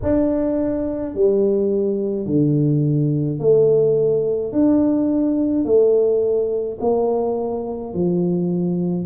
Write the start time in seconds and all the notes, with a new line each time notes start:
0.03 D4
1.14 G3
2.26 D3
3.39 A3
4.52 D4
5.64 A3
6.80 A#3
7.93 F3